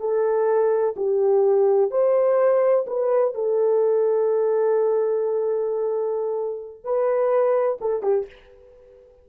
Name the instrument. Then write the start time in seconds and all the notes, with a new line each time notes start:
horn
0.00 A4
0.96 G4
1.90 C5
2.87 B4
3.34 A4
6.84 B4
7.81 A4
8.02 G4